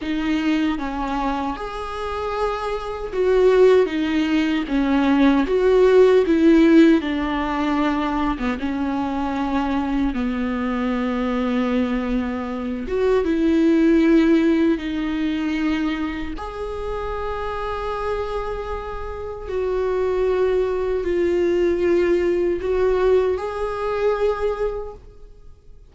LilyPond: \new Staff \with { instrumentName = "viola" } { \time 4/4 \tempo 4 = 77 dis'4 cis'4 gis'2 | fis'4 dis'4 cis'4 fis'4 | e'4 d'4.~ d'16 b16 cis'4~ | cis'4 b2.~ |
b8 fis'8 e'2 dis'4~ | dis'4 gis'2.~ | gis'4 fis'2 f'4~ | f'4 fis'4 gis'2 | }